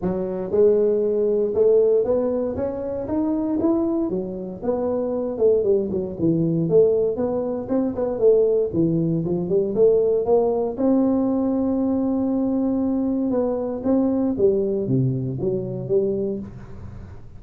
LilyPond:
\new Staff \with { instrumentName = "tuba" } { \time 4/4 \tempo 4 = 117 fis4 gis2 a4 | b4 cis'4 dis'4 e'4 | fis4 b4. a8 g8 fis8 | e4 a4 b4 c'8 b8 |
a4 e4 f8 g8 a4 | ais4 c'2.~ | c'2 b4 c'4 | g4 c4 fis4 g4 | }